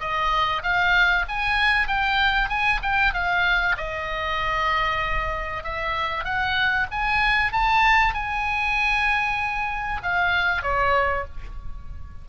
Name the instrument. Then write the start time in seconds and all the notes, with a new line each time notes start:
oboe
0.00 D#5
0.63 F5
1.28 G#5
1.88 G5
2.49 G#5
2.83 G5
3.14 F5
3.77 D#5
5.64 E5
6.24 F#5
6.91 G#5
7.53 A5
8.14 G#5
10.03 F5
10.62 C#5